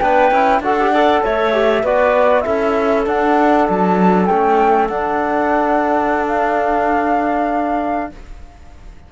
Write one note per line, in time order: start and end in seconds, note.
0.00 0.32 B3
0.00 0.33 D4
0.00 0.61 B4
0.00 0.61 G5
0.32 0.61 C#4
0.32 0.63 E4
0.61 1.22 D4
0.61 0.79 F#4
0.61 0.92 A4
0.61 1.25 F#5
0.80 0.94 G4
0.92 1.54 A4
0.92 1.22 D5
1.23 1.84 A3
1.23 1.84 C#5
1.23 1.86 E5
1.54 1.84 G4
1.84 2.45 B3
1.84 2.45 F#4
1.84 2.44 B4
1.84 2.41 D5
2.41 3.07 C#4
2.41 3.06 E4
2.41 8.11 A4
2.41 3.03 E5
3.06 4.29 D4
3.06 3.68 D4
3.06 3.68 F#5
3.70 4.30 F#3
3.70 4.27 A5
4.27 4.89 A3
4.27 4.91 C#4
4.27 4.88 G5
4.89 8.11 D4
4.89 8.13 D4
4.89 6.26 F#5
6.28 8.12 F5